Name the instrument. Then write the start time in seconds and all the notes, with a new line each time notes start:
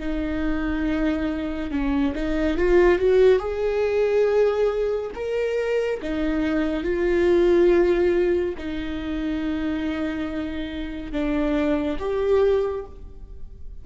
viola
0.00 D#4
1.71 C#4
2.15 D#4
2.58 F4
2.99 F#4
3.40 G#4
5.15 A#4
6.02 D#4
6.84 F4
8.58 D#4
11.12 D4
12.00 G4